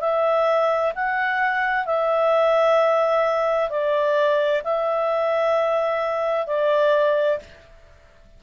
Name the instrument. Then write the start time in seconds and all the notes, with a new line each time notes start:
clarinet
0.00 E5
0.95 F#5
1.85 E5
3.70 D5
4.63 E5
6.46 D5